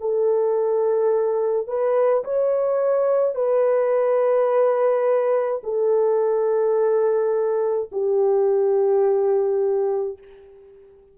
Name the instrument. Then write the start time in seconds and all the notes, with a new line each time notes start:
horn
0.00 A4
1.67 B4
2.24 C#5
3.34 B4
5.63 A4
7.92 G4